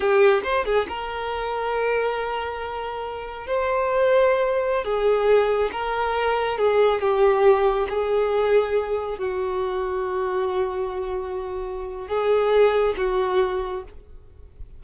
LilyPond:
\new Staff \with { instrumentName = "violin" } { \time 4/4 \tempo 4 = 139 g'4 c''8 gis'8 ais'2~ | ais'1 | c''2.~ c''16 gis'8.~ | gis'4~ gis'16 ais'2 gis'8.~ |
gis'16 g'2 gis'4.~ gis'16~ | gis'4~ gis'16 fis'2~ fis'8.~ | fis'1 | gis'2 fis'2 | }